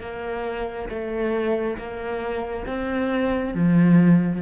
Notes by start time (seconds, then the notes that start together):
0.00 A#3
0.89 A3
1.78 A#3
2.66 C4
3.54 F3